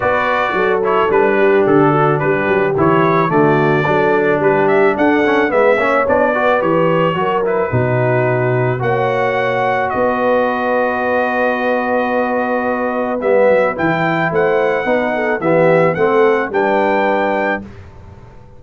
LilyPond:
<<
  \new Staff \with { instrumentName = "trumpet" } { \time 4/4 \tempo 4 = 109 d''4. cis''8 b'4 a'4 | b'4 cis''4 d''2 | b'8 e''8 fis''4 e''4 d''4 | cis''4. b'2~ b'8 |
fis''2 dis''2~ | dis''1 | e''4 g''4 fis''2 | e''4 fis''4 g''2 | }
  \new Staff \with { instrumentName = "horn" } { \time 4/4 b'4 a'4. g'4 fis'8 | g'2 fis'4 a'4 | g'4 a'4 b'8 cis''4 b'8~ | b'4 ais'4 fis'2 |
cis''2 b'2~ | b'1~ | b'2 c''4 b'8 a'8 | g'4 a'4 b'2 | }
  \new Staff \with { instrumentName = "trombone" } { \time 4/4 fis'4. e'8 d'2~ | d'4 e'4 a4 d'4~ | d'4. cis'8 b8 cis'8 d'8 fis'8 | g'4 fis'8 e'8 dis'2 |
fis'1~ | fis'1 | b4 e'2 dis'4 | b4 c'4 d'2 | }
  \new Staff \with { instrumentName = "tuba" } { \time 4/4 b4 fis4 g4 d4 | g8 fis8 e4 d4 fis4 | g4 d'4 gis8 ais8 b4 | e4 fis4 b,2 |
ais2 b2~ | b1 | g8 fis8 e4 a4 b4 | e4 a4 g2 | }
>>